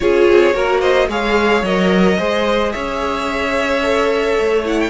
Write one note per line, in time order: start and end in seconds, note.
0.00 0.29 C#4
0.00 0.53 F4
0.00 0.55 G#4
0.00 0.80 C#5
0.30 0.54 C4
0.53 1.08 A#3
0.53 1.07 F#4
0.53 0.80 A#4
0.80 1.07 C5
0.80 1.08 D#5
1.08 1.62 G#3
1.08 1.64 G#4
1.08 2.18 C#5
1.08 1.65 F5
1.62 2.17 F#3
1.62 2.18 A#4
1.62 2.72 D#5
2.18 2.73 G#3
2.18 3.82 G#4
2.18 2.72 C5
2.72 4.39 C#4
2.72 4.90 C#5
2.72 4.63 E5
3.82 4.64 A4
4.39 4.90 A3
4.65 4.90 E4
4.65 4.79 F#5
4.79 4.90 G5